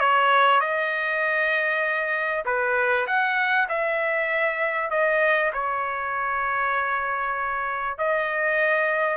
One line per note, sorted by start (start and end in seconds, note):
0.00 0.60 C#5
0.60 2.44 D#5
2.45 3.06 B4
3.07 3.68 F#5
3.69 4.90 E5
4.90 5.52 D#5
5.53 7.98 C#5
7.98 9.17 D#5